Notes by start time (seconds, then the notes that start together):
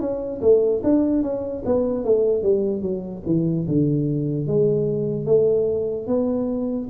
0.00 C#4
0.41 A3
0.83 D4
1.22 C#4
1.65 B3
2.05 A3
2.42 G3
2.82 F#3
3.26 E3
3.68 D3
4.47 G#3
5.26 A3
6.07 B3